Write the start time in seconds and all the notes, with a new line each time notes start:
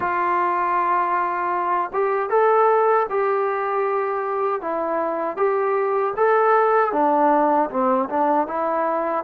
0.00 F4
1.93 G4
2.29 A4
3.09 G4
4.61 E4
5.36 G4
6.16 A4
6.92 D4
7.70 C4
8.09 D4
8.47 E4